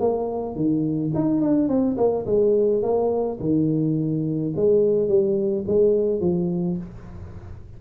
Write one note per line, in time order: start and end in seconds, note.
0.00 0.56 A#3
0.56 1.12 D#3
1.15 1.41 D#4
1.41 1.69 D4
1.69 1.97 C4
1.97 2.26 A#3
2.26 2.82 G#3
2.82 3.39 A#3
3.40 4.53 D#3
4.56 5.08 G#3
5.08 5.65 G3
5.67 6.21 G#3
6.21 6.77 F3